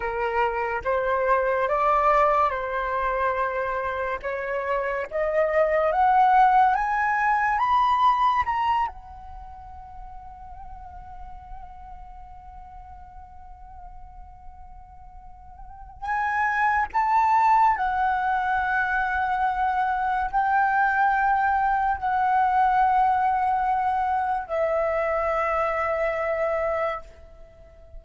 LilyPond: \new Staff \with { instrumentName = "flute" } { \time 4/4 \tempo 4 = 71 ais'4 c''4 d''4 c''4~ | c''4 cis''4 dis''4 fis''4 | gis''4 b''4 ais''8 fis''4.~ | fis''1~ |
fis''2. gis''4 | a''4 fis''2. | g''2 fis''2~ | fis''4 e''2. | }